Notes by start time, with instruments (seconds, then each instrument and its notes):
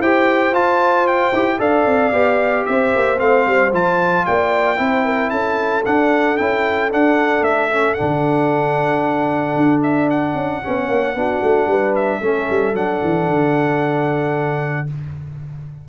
0.00 tuba E4, trombone G4, horn C5, trumpet G5
0.53 tuba F4, trombone F4, trumpet A5
1.08 trumpet G5
1.33 tuba E4, trombone G4
1.59 tuba D4, trombone A4, horn D5, trumpet F5
1.86 tuba C4
2.13 tuba B3, trombone G4
2.66 tuba C4, horn C5, trumpet E5
2.96 tuba A#3
3.18 tuba A3, trombone C4, trumpet F5
3.47 tuba G3
3.73 tuba F3, trombone F4, trumpet A5
4.26 tuba A#3, horn D5, trumpet G5
4.77 tuba C4, trombone E4, horn C5
5.05 horn A#4
5.31 tuba C#4, horn A4, trumpet A5
5.86 trombone D4, tuba D4, trumpet F#5
6.38 tuba C#4, trombone E4, trumpet G5
6.91 trombone D4, tuba D4, trumpet F#5
7.41 tuba A3, trumpet E5
7.71 trombone C#4
7.95 trombone D4, trumpet F#5
8.01 tuba D3
9.57 tuba D4
9.83 trumpet E5
10.11 trumpet F#5
10.35 tuba C#4
10.63 tuba B3, trombone C#4, horn C#5
10.89 tuba A#3
11.15 tuba B3, trombone D4, horn F#4
11.43 tuba A3
11.67 tuba G3, horn B4
11.96 trumpet E5
12.21 tuba A3, trombone C#4, horn A4
12.50 tuba G3
12.74 tuba F#3, trombone D4, trumpet F#5
13.04 tuba E3
13.30 tuba D3